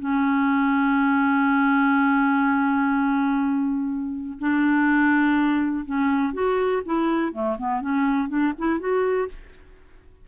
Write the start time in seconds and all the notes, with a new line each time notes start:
0.00 C#4
4.39 D4
5.86 C#4
6.34 F#4
6.86 E4
7.33 A3
7.59 B3
7.82 C#4
8.29 D4
8.59 E4
8.80 F#4